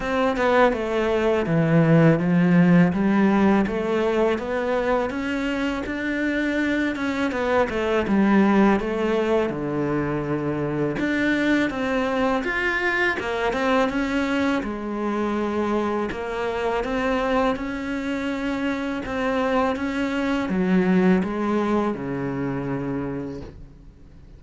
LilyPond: \new Staff \with { instrumentName = "cello" } { \time 4/4 \tempo 4 = 82 c'8 b8 a4 e4 f4 | g4 a4 b4 cis'4 | d'4. cis'8 b8 a8 g4 | a4 d2 d'4 |
c'4 f'4 ais8 c'8 cis'4 | gis2 ais4 c'4 | cis'2 c'4 cis'4 | fis4 gis4 cis2 | }